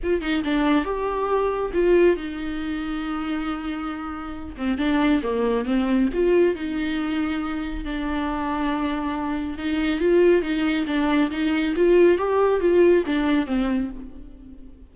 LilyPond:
\new Staff \with { instrumentName = "viola" } { \time 4/4 \tempo 4 = 138 f'8 dis'8 d'4 g'2 | f'4 dis'2.~ | dis'2~ dis'8 c'8 d'4 | ais4 c'4 f'4 dis'4~ |
dis'2 d'2~ | d'2 dis'4 f'4 | dis'4 d'4 dis'4 f'4 | g'4 f'4 d'4 c'4 | }